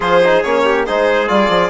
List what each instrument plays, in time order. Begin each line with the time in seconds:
0.00 bassoon F3, trombone F4, trumpet G#4, violin C5
0.24 trombone D#4
0.42 bassoon A#3, trombone C#4, violin C#5
0.64 trumpet G4
0.86 bassoon G#3, trombone D#4, trumpet G#4, violin C5
1.27 bassoon G3, trombone F4, violin D5
1.49 bassoon F3